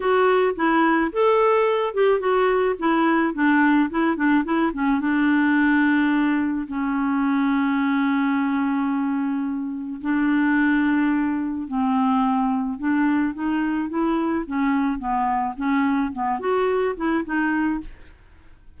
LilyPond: \new Staff \with { instrumentName = "clarinet" } { \time 4/4 \tempo 4 = 108 fis'4 e'4 a'4. g'8 | fis'4 e'4 d'4 e'8 d'8 | e'8 cis'8 d'2. | cis'1~ |
cis'2 d'2~ | d'4 c'2 d'4 | dis'4 e'4 cis'4 b4 | cis'4 b8 fis'4 e'8 dis'4 | }